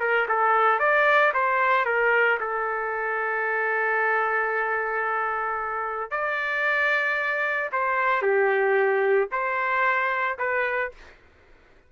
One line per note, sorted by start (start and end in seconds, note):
0.00 0.27 A#4
0.29 0.79 A4
0.79 1.33 D5
1.34 1.85 C5
1.85 2.38 A#4
2.40 6.11 A4
6.11 7.70 D5
7.72 8.22 C5
8.22 9.28 G4
9.32 10.38 C5
10.39 10.92 B4